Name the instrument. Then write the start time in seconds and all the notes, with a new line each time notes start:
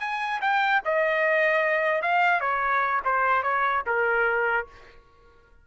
trumpet
0.00 G#5
0.41 G5
0.85 D#5
2.02 F5
2.41 C#5
3.05 C5
3.43 C#5
3.86 A#4